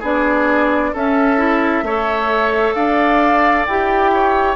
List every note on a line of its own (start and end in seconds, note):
0.00 0.94 B3
0.00 0.95 D4
0.00 0.91 G#4
0.00 0.96 D5
0.94 1.83 C#4
0.94 1.38 C#4
0.94 1.85 A4
0.94 2.74 E5
1.38 1.83 E4
1.83 2.74 A3
1.83 3.69 A4
1.83 2.75 C#5
2.74 3.66 D4
2.74 4.12 D5
2.74 3.65 F5
3.66 4.56 E4
3.66 4.56 G4
3.66 4.56 G5
4.13 4.56 C#5